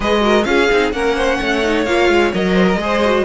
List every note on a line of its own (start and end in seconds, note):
0.00 0.45 G#3
0.00 0.20 G#4
0.00 0.21 B4
0.00 0.44 D#5
0.20 0.44 F#4
0.20 0.46 A#4
0.44 0.68 C#4
0.44 0.67 F4
0.44 0.94 G#4
0.44 0.90 F5
0.70 0.92 C4
0.70 0.93 D#4
0.92 1.39 A#3
0.92 1.62 C#4
0.92 1.16 A#4
0.92 1.85 F#5
1.16 1.37 C5
1.37 1.86 A3
1.37 2.53 C#5
1.62 1.86 D#4
1.85 2.09 A#3
1.85 2.33 F4
1.85 2.31 F5
2.09 2.32 G#3
2.33 2.76 F#3
2.33 2.79 A#4
2.33 3.24 D#5
2.53 2.65 C5
2.67 2.79 A#4
2.76 3.23 G#3
2.76 3.02 G#4
2.83 3.24 C5
3.04 3.24 F#4